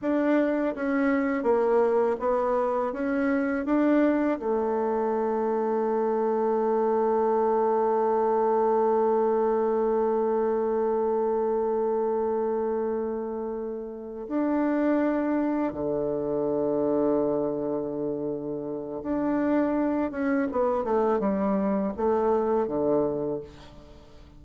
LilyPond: \new Staff \with { instrumentName = "bassoon" } { \time 4/4 \tempo 4 = 82 d'4 cis'4 ais4 b4 | cis'4 d'4 a2~ | a1~ | a1~ |
a2.~ a8 d'8~ | d'4. d2~ d8~ | d2 d'4. cis'8 | b8 a8 g4 a4 d4 | }